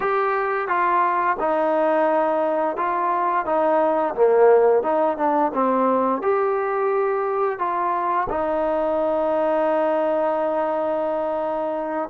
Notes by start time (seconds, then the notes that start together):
0.00 G4
0.67 F4
1.39 D#4
2.76 F4
3.45 D#4
4.14 A#3
4.82 D#4
5.17 D4
5.54 C4
6.22 G4
7.58 F4
8.29 D#4